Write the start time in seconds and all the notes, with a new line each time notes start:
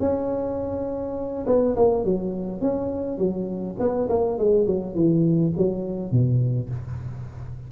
0.00 C#4
1.46 B3
1.76 A#3
2.04 F#3
2.61 C#4
3.18 F#3
3.79 B3
4.09 A#3
4.38 G#3
4.67 F#3
4.95 E3
5.57 F#3
6.11 B2